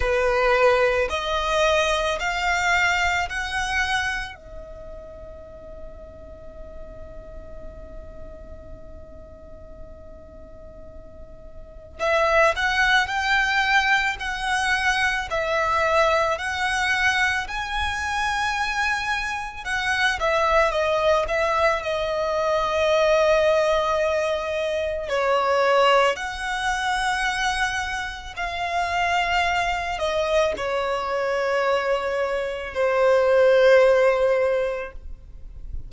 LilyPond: \new Staff \with { instrumentName = "violin" } { \time 4/4 \tempo 4 = 55 b'4 dis''4 f''4 fis''4 | dis''1~ | dis''2. e''8 fis''8 | g''4 fis''4 e''4 fis''4 |
gis''2 fis''8 e''8 dis''8 e''8 | dis''2. cis''4 | fis''2 f''4. dis''8 | cis''2 c''2 | }